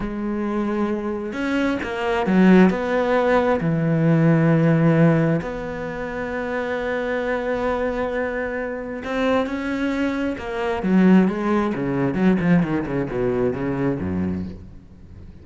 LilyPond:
\new Staff \with { instrumentName = "cello" } { \time 4/4 \tempo 4 = 133 gis2. cis'4 | ais4 fis4 b2 | e1 | b1~ |
b1 | c'4 cis'2 ais4 | fis4 gis4 cis4 fis8 f8 | dis8 cis8 b,4 cis4 fis,4 | }